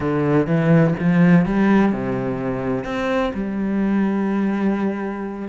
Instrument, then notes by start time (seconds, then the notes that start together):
cello
0.00 D3
0.47 E3
0.99 F3
1.45 G3
1.92 C3
2.84 C4
3.34 G3